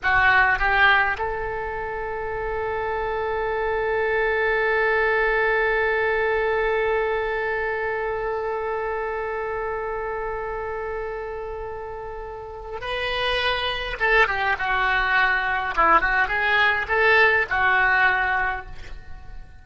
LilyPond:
\new Staff \with { instrumentName = "oboe" } { \time 4/4 \tempo 4 = 103 fis'4 g'4 a'2~ | a'1~ | a'1~ | a'1~ |
a'1~ | a'2 b'2 | a'8 g'8 fis'2 e'8 fis'8 | gis'4 a'4 fis'2 | }